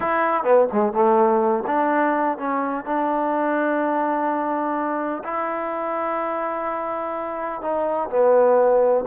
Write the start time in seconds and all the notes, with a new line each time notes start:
0.00 E4
0.43 B3
0.72 G#3
0.92 A3
1.67 D4
2.38 C#4
2.84 D4
5.23 E4
7.61 D#4
8.09 B3